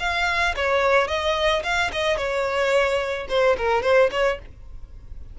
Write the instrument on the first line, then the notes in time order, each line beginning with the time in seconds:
violin
0.00 F5
0.57 C#5
1.08 D#5
1.64 F5
1.93 D#5
2.18 C#5
3.29 C5
3.58 A#4
3.83 C5
4.12 C#5